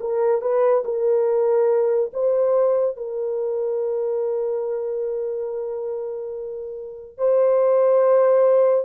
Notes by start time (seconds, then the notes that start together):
0.00 A#4
0.41 B4
0.85 A#4
2.13 C5
2.97 A#4
7.18 C5